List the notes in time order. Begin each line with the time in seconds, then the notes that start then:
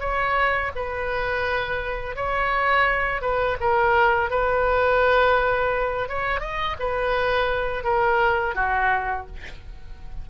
0.00 C#5
0.75 B4
2.16 C#5
3.21 B4
3.60 A#4
4.30 B4
6.08 C#5
6.40 D#5
6.79 B4
7.84 A#4
8.55 F#4